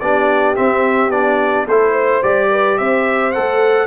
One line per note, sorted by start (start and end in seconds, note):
0.00 0.57 B3
0.00 0.55 D4
0.00 1.68 G4
0.00 0.56 D5
0.55 1.11 C4
0.55 1.10 C4
0.55 1.11 E5
1.10 1.65 B3
1.10 1.67 D4
1.10 1.67 D5
1.67 2.22 A3
1.67 2.23 E4
1.67 1.93 A4
1.67 2.23 C5
1.93 2.48 C5
2.23 2.80 G3
2.23 3.34 G4
2.23 2.78 D5
2.50 2.78 B4
2.78 3.35 C4
2.78 3.87 C5
2.78 3.32 E5
3.32 3.87 A3
3.32 3.87 A4
3.32 3.87 F#5